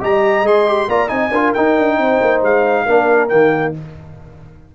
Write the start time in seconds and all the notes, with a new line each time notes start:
0.00 G3 G4 D#5 A#5
0.42 G#3 G#4 C6
0.66 G4
0.88 A#3 F4 D5 A#5
1.08 C4 D#4 D#5 G#5
1.31 D4 F4 A#4
1.53 D#4 G5
1.77 D4
1.98 C4 C5
2.21 A#3
2.42 G#3 F5
2.85 A#3 D4 A#4
3.29 D#3 A#3 G5